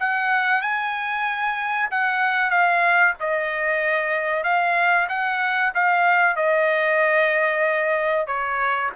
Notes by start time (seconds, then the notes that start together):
0.00 F#5
0.62 G#5
1.91 F#5
2.50 F5
3.20 D#5
4.44 F5
5.09 F#5
5.74 F5
6.36 D#5
8.27 C#5